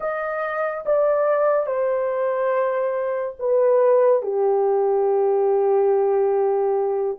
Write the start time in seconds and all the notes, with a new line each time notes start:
0.00 D#5
0.85 D5
1.66 C5
3.39 B4
4.22 G4